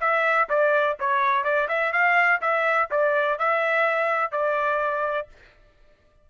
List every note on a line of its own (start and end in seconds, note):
0.00 0.48 E5
0.49 0.97 D5
0.99 1.44 C#5
1.44 1.68 D5
1.68 1.92 E5
1.92 2.40 F5
2.41 2.89 E5
2.90 3.38 D5
3.38 4.31 E5
4.31 5.27 D5